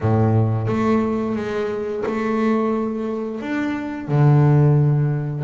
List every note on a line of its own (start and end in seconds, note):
0.00 0.67 A2
0.67 1.35 A3
1.35 2.03 G#3
2.06 3.40 A3
3.40 4.08 D4
4.08 5.44 D3